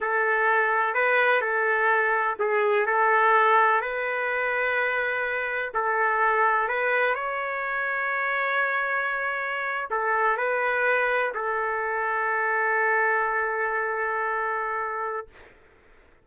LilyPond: \new Staff \with { instrumentName = "trumpet" } { \time 4/4 \tempo 4 = 126 a'2 b'4 a'4~ | a'4 gis'4 a'2 | b'1 | a'2 b'4 cis''4~ |
cis''1~ | cis''8. a'4 b'2 a'16~ | a'1~ | a'1 | }